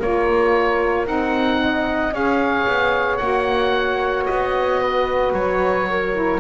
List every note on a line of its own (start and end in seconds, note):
0.00 1.07 A#3
0.00 1.06 F4
0.00 1.61 A#4
0.00 1.07 C#5
1.06 2.12 C4
1.06 2.13 D#4
1.06 2.15 F#5
1.62 2.14 D#5
2.12 2.66 C#4
2.12 3.20 G#4
2.12 4.82 C#5
2.12 3.17 F5
2.67 3.21 B3
3.17 4.28 A#3
3.17 6.13 F#4
3.17 4.25 F#5
4.26 5.32 B3
4.26 5.33 D#5
4.82 5.89 B4
5.32 6.40 F#3
5.32 6.40 C#5
5.90 6.40 A#4
6.13 6.40 E4